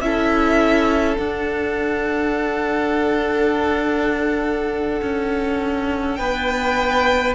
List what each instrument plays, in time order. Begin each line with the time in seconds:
0.00 cello C#4, viola E4, violin A4 E5
1.15 viola D4, cello D4, violin F#5
5.02 cello C#4
6.16 cello B3, violin B4 G5